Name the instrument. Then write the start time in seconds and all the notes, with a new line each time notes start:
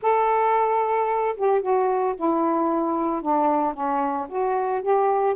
saxophone
0.01 A4
1.36 G4
1.61 F#4
2.16 E4
3.22 D4
3.73 C#4
4.28 F#4
4.82 G4